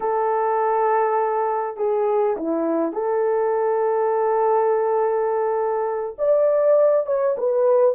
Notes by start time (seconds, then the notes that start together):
0.00 A4
1.76 G#4
2.36 E4
2.93 A4
6.18 D5
7.06 C#5
7.37 B4